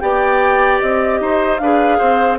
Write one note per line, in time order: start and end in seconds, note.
0.00 0.81 B3
0.00 1.59 G4
0.00 1.20 D5
0.00 0.79 G5
0.80 1.21 C4
0.80 1.58 D#5
1.21 1.60 D#4
1.21 1.61 C5
1.58 2.00 D4
1.58 2.39 G#4
1.58 1.98 B4
1.58 2.37 F5
1.98 2.39 C4
1.98 2.38 C5